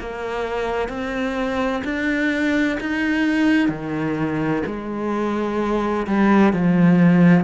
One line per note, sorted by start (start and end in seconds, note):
0.00 0.89 A#3
0.89 1.83 C4
1.85 2.78 D4
2.80 3.69 D#4
3.69 4.63 D#3
4.66 6.07 G#3
6.07 6.53 G3
6.53 7.44 F3